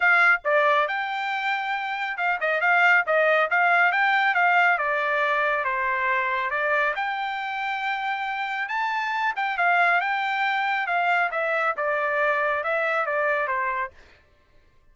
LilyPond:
\new Staff \with { instrumentName = "trumpet" } { \time 4/4 \tempo 4 = 138 f''4 d''4 g''2~ | g''4 f''8 dis''8 f''4 dis''4 | f''4 g''4 f''4 d''4~ | d''4 c''2 d''4 |
g''1 | a''4. g''8 f''4 g''4~ | g''4 f''4 e''4 d''4~ | d''4 e''4 d''4 c''4 | }